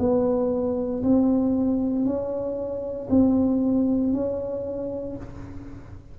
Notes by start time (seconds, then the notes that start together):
0.00 B3
1.03 C4
2.05 C#4
3.10 C4
4.14 C#4